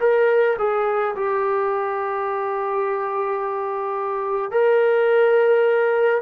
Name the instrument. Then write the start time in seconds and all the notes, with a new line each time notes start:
trombone
0.00 A#4
0.58 G#4
1.15 G4
4.51 A#4